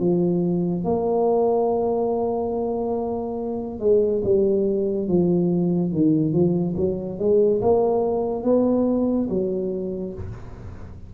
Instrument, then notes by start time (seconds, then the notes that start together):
tuba
0.00 F3
0.85 A#3
3.80 G#3
4.25 G3
5.09 F3
5.92 D#3
6.33 F3
6.77 F#3
7.19 G#3
7.62 A#3
8.44 B3
9.30 F#3